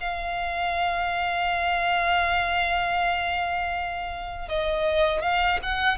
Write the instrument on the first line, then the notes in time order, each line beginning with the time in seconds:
violin
0.00 F5
4.48 D#5
5.21 F5
5.62 F#5